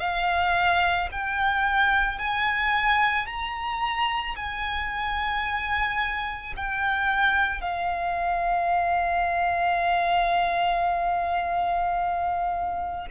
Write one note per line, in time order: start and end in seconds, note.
0.00 1.09 F5
1.12 2.19 G5
2.19 3.26 G#5
3.26 4.35 A#5
4.36 6.54 G#5
6.57 7.61 G5
7.61 13.07 F5